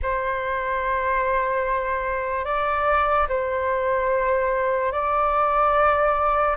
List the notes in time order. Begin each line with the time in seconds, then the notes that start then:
0.02 C5
2.44 D5
3.29 C5
4.91 D5